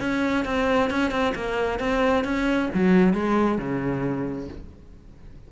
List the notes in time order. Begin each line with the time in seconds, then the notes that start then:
0.00 C#4
0.45 C4
0.90 C#4
1.11 C4
1.35 A#3
1.80 C4
2.24 C#4
2.74 F#3
3.14 G#3
3.58 C#3